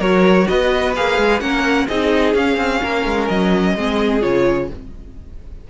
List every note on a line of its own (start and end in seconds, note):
0.00 0.47 F#3
0.00 0.95 F#4
0.00 0.47 A#4
0.00 0.48 C#5
0.48 0.98 B3
0.48 1.43 B4
0.48 0.95 D#5
0.96 1.18 A#3
0.96 1.41 G#4
0.96 1.41 F5
1.18 1.41 G#3
1.41 1.88 A#3
1.41 1.88 C#4
1.41 1.88 A#4
1.41 1.88 F#5
1.88 2.35 C4
1.88 2.37 D#4
1.88 2.82 G#4
1.88 2.35 D#5
2.35 2.58 C#4
2.35 3.78 C#4
2.35 3.29 F5
2.58 2.81 C4
2.82 3.06 A#3
2.82 3.75 A#4
3.06 3.29 G#3
3.29 3.76 F#3
3.29 4.22 D#5
3.75 4.23 G#3
3.75 4.21 C4
3.75 4.69 G#4
4.21 4.71 C#3
4.21 4.68 F4
4.21 4.69 C#5